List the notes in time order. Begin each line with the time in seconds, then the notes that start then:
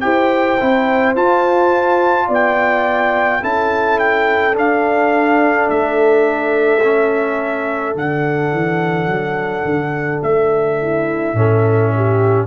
0.00 E4 G4 C5 G5
0.59 C4 E4
1.15 F4 A5
2.27 B3 D5
2.33 G5
3.41 C#4 E4 A4 A5
3.99 G5
4.53 D4 F5
5.69 A3 E5
6.83 C#4
7.95 D3 D4 F#5
8.51 E3
9.07 F#3
9.64 D3
10.22 A3 E5
10.81 E4
11.33 A2 C#4 A4
11.96 G4